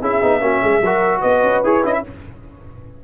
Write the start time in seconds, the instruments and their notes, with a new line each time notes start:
0.00 tuba C#4, trombone E4, horn G#4, trumpet E5
0.22 tuba B3, trombone D#4
0.40 tuba A#3, trombone C#4, horn F#4
0.62 tuba G#3, horn G#4
0.80 tuba F#3, trombone F#4, horn A#4
1.20 tuba B3, horn B4, trumpet D#5
1.43 tuba C#4
1.63 tuba E4, trombone G#4, trumpet C#5
1.83 tuba C#4, trombone E4, trumpet D#5
1.93 trumpet E5